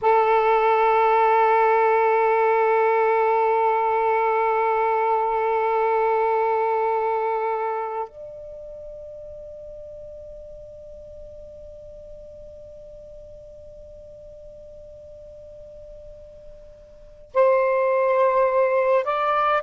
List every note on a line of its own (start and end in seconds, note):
0.01 8.08 A4
8.08 17.31 D5
17.34 19.04 C5
19.04 19.62 D5